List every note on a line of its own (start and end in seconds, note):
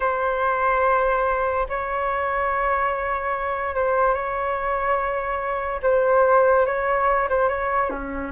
0.00 1.67 C5
1.69 3.74 C#5
3.74 4.14 C5
4.14 5.80 C#5
5.82 6.66 C5
6.66 7.28 C#5
7.29 7.48 C5
7.48 7.90 C#5
7.90 8.31 C#4